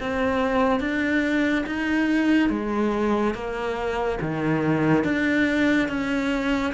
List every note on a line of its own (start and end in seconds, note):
0.00 0.80 C4
0.80 1.64 D4
1.66 2.49 D#4
2.49 3.34 G#3
3.34 4.18 A#3
4.21 5.04 D#3
5.04 5.88 D4
5.88 6.73 C#4